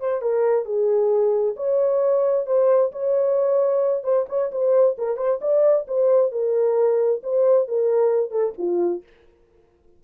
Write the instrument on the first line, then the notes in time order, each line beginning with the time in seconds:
horn
0.00 C5
0.22 A#4
0.65 G#4
1.56 C#5
2.47 C5
2.92 C#5
4.04 C5
4.29 C#5
4.52 C5
4.98 A#4
5.17 C5
5.41 D5
5.87 C5
6.32 A#4
7.23 C5
7.68 A#4
8.31 A4
8.58 F4